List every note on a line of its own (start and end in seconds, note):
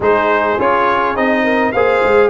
0.00 0.56 G#3
0.00 0.59 D#4
0.00 1.43 G#4
0.00 0.60 C5
0.59 1.16 C#4
0.59 1.15 F4
0.59 1.16 C#5
1.15 1.73 C4
1.15 1.73 D#4
1.15 1.72 D#5
1.43 1.72 A#4
1.72 2.02 A#3
1.72 2.29 G#4
1.72 2.29 C5
1.72 2.29 F5
2.03 2.29 G#3